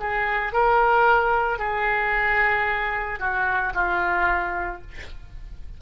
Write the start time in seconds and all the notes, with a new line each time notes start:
0.00 G#4
0.53 A#4
1.59 G#4
3.19 F#4
3.75 F4